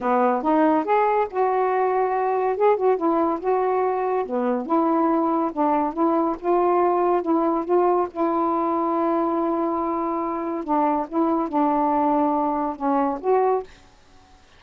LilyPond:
\new Staff \with { instrumentName = "saxophone" } { \time 4/4 \tempo 4 = 141 b4 dis'4 gis'4 fis'4~ | fis'2 gis'8 fis'8 e'4 | fis'2 b4 e'4~ | e'4 d'4 e'4 f'4~ |
f'4 e'4 f'4 e'4~ | e'1~ | e'4 d'4 e'4 d'4~ | d'2 cis'4 fis'4 | }